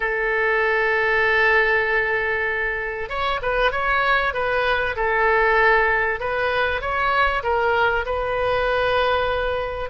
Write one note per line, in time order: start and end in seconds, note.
0.00 3.09 A4
3.09 3.40 C#5
3.42 3.71 B4
3.71 4.33 C#5
4.33 4.95 B4
4.96 6.19 A4
6.20 6.81 B4
6.81 7.43 C#5
7.43 8.05 A#4
8.05 9.90 B4